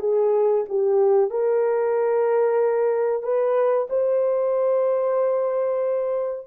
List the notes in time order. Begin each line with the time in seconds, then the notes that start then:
0.00 G#4
0.69 G4
1.30 A#4
3.23 B4
3.90 C5